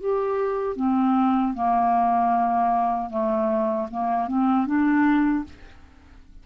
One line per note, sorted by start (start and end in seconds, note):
0.00 0.76 G4
0.76 1.54 C4
1.54 3.10 A#3
3.10 3.87 A3
3.90 4.28 A#3
4.28 4.66 C4
4.66 5.44 D4